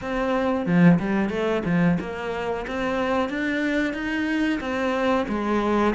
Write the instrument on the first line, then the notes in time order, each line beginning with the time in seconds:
cello
0.01 C4
0.66 F3
0.99 G3
1.29 A3
1.65 F3
2.00 A#3
2.67 C4
3.29 D4
3.93 D#4
4.60 C4
5.28 G#3